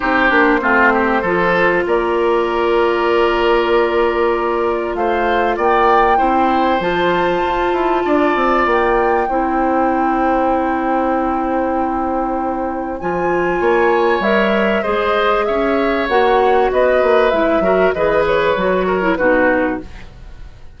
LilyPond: <<
  \new Staff \with { instrumentName = "flute" } { \time 4/4 \tempo 4 = 97 c''2. d''4~ | d''1 | f''4 g''2 a''4~ | a''2 g''2~ |
g''1~ | g''4 gis''2 e''4 | dis''4 e''4 fis''4 dis''4 | e''4 dis''8 cis''4. b'4 | }
  \new Staff \with { instrumentName = "oboe" } { \time 4/4 g'4 f'8 g'8 a'4 ais'4~ | ais'1 | c''4 d''4 c''2~ | c''4 d''2 c''4~ |
c''1~ | c''2 cis''2 | c''4 cis''2 b'4~ | b'8 ais'8 b'4. ais'8 fis'4 | }
  \new Staff \with { instrumentName = "clarinet" } { \time 4/4 dis'8 d'8 c'4 f'2~ | f'1~ | f'2 e'4 f'4~ | f'2. e'4~ |
e'1~ | e'4 f'2 ais'4 | gis'2 fis'2 | e'8 fis'8 gis'4 fis'8. e'16 dis'4 | }
  \new Staff \with { instrumentName = "bassoon" } { \time 4/4 c'8 ais8 a4 f4 ais4~ | ais1 | a4 ais4 c'4 f4 | f'8 e'8 d'8 c'8 ais4 c'4~ |
c'1~ | c'4 f4 ais4 g4 | gis4 cis'4 ais4 b8 ais8 | gis8 fis8 e4 fis4 b,4 | }
>>